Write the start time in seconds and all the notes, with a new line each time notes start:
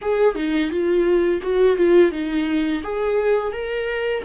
0.01 G#4
0.35 D#4
0.70 F4
1.41 F#4
1.76 F4
2.11 D#4
2.83 G#4
3.52 A#4